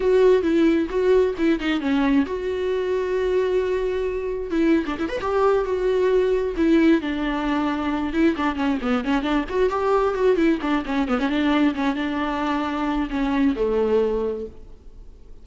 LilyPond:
\new Staff \with { instrumentName = "viola" } { \time 4/4 \tempo 4 = 133 fis'4 e'4 fis'4 e'8 dis'8 | cis'4 fis'2.~ | fis'2 e'8. d'16 e'16 b'16 g'8~ | g'8 fis'2 e'4 d'8~ |
d'2 e'8 d'8 cis'8 b8 | cis'8 d'8 fis'8 g'4 fis'8 e'8 d'8 | cis'8 b16 cis'16 d'4 cis'8 d'4.~ | d'4 cis'4 a2 | }